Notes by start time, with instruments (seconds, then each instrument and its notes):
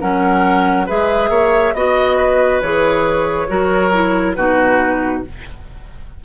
0.00 bassoon F#3, clarinet C#4, oboe A#4, flute F#5
0.86 bassoon G#3, clarinet G#4, oboe B4, flute E5
1.29 bassoon A#3, oboe C#5
1.74 bassoon B3, clarinet F#4, flute D#5, oboe D#5
2.17 oboe B4
2.61 bassoon E3, clarinet G#4, flute C#5
3.48 bassoon F#3, clarinet F#4, oboe A#4
3.92 clarinet E4
4.34 bassoon B2, clarinet D#4, oboe F#4, flute B4